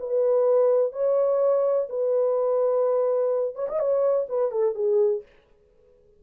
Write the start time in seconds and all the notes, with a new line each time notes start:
0.00 B4
0.93 C#5
1.89 B4
3.55 C#5
3.69 D#5
3.80 C#5
4.29 B4
4.51 A4
4.75 G#4